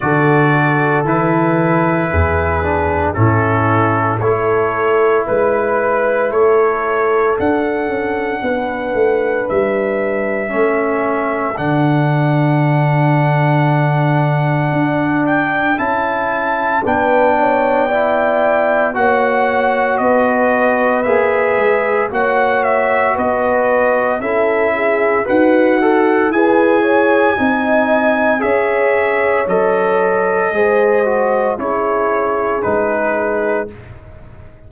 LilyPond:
<<
  \new Staff \with { instrumentName = "trumpet" } { \time 4/4 \tempo 4 = 57 d''4 b'2 a'4 | cis''4 b'4 cis''4 fis''4~ | fis''4 e''2 fis''4~ | fis''2~ fis''8 g''8 a''4 |
g''2 fis''4 dis''4 | e''4 fis''8 e''8 dis''4 e''4 | fis''4 gis''2 e''4 | dis''2 cis''4 b'4 | }
  \new Staff \with { instrumentName = "horn" } { \time 4/4 a'2 gis'4 e'4 | a'4 b'4 a'2 | b'2 a'2~ | a'1 |
b'8 cis''8 d''4 cis''4 b'4~ | b'4 cis''4 b'4 a'8 gis'8 | fis'4 b'8 cis''8 dis''4 cis''4~ | cis''4 c''4 gis'2 | }
  \new Staff \with { instrumentName = "trombone" } { \time 4/4 fis'4 e'4. d'8 cis'4 | e'2. d'4~ | d'2 cis'4 d'4~ | d'2. e'4 |
d'4 e'4 fis'2 | gis'4 fis'2 e'4 | b'8 a'8 gis'4 dis'4 gis'4 | a'4 gis'8 fis'8 e'4 dis'4 | }
  \new Staff \with { instrumentName = "tuba" } { \time 4/4 d4 e4 e,4 a,4 | a4 gis4 a4 d'8 cis'8 | b8 a8 g4 a4 d4~ | d2 d'4 cis'4 |
b2 ais4 b4 | ais8 gis8 ais4 b4 cis'4 | dis'4 e'4 c'4 cis'4 | fis4 gis4 cis'4 gis4 | }
>>